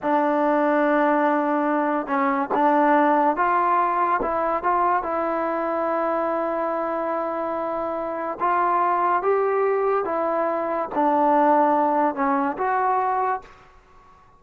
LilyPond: \new Staff \with { instrumentName = "trombone" } { \time 4/4 \tempo 4 = 143 d'1~ | d'4 cis'4 d'2 | f'2 e'4 f'4 | e'1~ |
e'1 | f'2 g'2 | e'2 d'2~ | d'4 cis'4 fis'2 | }